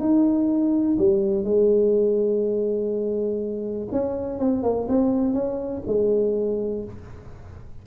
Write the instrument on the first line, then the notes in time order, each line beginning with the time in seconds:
tuba
0.00 D#4
0.98 G3
1.44 G#3
3.92 C#4
4.39 C4
4.63 A#3
4.88 C4
5.34 C#4
5.87 G#3